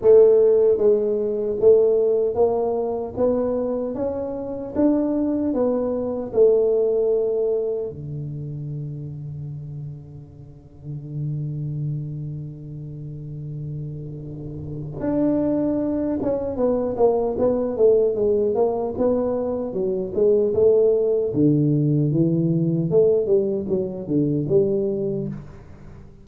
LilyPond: \new Staff \with { instrumentName = "tuba" } { \time 4/4 \tempo 4 = 76 a4 gis4 a4 ais4 | b4 cis'4 d'4 b4 | a2 d2~ | d1~ |
d2. d'4~ | d'8 cis'8 b8 ais8 b8 a8 gis8 ais8 | b4 fis8 gis8 a4 d4 | e4 a8 g8 fis8 d8 g4 | }